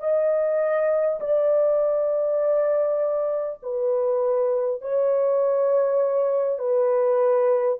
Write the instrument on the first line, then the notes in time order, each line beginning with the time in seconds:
horn
0.00 D#5
1.20 D5
3.63 B4
4.82 C#5
6.58 B4